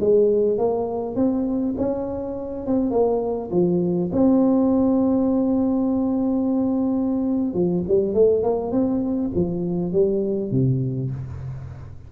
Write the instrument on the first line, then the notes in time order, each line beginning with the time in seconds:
tuba
0.00 G#3
0.58 A#3
1.16 C4
1.78 C#4
2.67 C4
2.91 A#3
3.51 F3
4.13 C4
7.54 F3
7.88 G3
8.14 A3
8.43 A#3
8.72 C4
9.35 F3
9.93 G3
10.51 C3